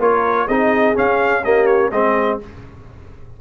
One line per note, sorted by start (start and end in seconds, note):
0.00 0.48 A#3
0.00 0.49 F4
0.00 0.47 A#4
0.00 0.48 C#5
0.47 0.97 C4
0.47 0.95 D#4
0.47 1.42 G#4
0.47 0.96 D#5
0.95 1.43 C#4
0.95 1.92 C#4
0.95 1.45 F5
1.44 1.92 A#3
1.44 1.91 G4
1.44 1.67 D#5
1.67 1.90 C#5
1.91 2.40 G#3
1.91 2.41 C4
1.91 2.39 G#4
1.91 2.40 D#5